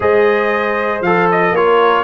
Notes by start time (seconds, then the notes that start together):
0.00 G#3 G#4 C5 D#5
1.01 F3 A4 F5
1.31 D#5
1.51 A#3 F4 A#4 C#5